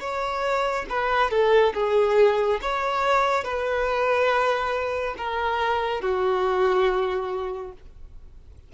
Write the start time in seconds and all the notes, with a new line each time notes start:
0.00 C#5
0.90 B4
1.31 A4
1.74 G#4
2.61 C#5
3.44 B4
5.18 A#4
6.01 F#4